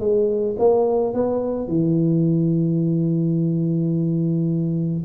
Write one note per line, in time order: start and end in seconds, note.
0.00 0.56 G#3
0.59 1.14 A#3
1.14 1.68 B3
1.68 5.04 E3